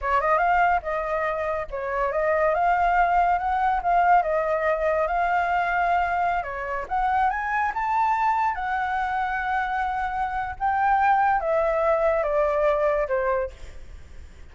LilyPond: \new Staff \with { instrumentName = "flute" } { \time 4/4 \tempo 4 = 142 cis''8 dis''8 f''4 dis''2 | cis''4 dis''4 f''2 | fis''4 f''4 dis''2 | f''2.~ f''16 cis''8.~ |
cis''16 fis''4 gis''4 a''4.~ a''16~ | a''16 fis''2.~ fis''8.~ | fis''4 g''2 e''4~ | e''4 d''2 c''4 | }